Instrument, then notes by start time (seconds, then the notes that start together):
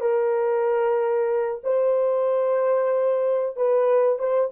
horn
0.00 A#4
1.63 C5
3.56 B4
4.18 C5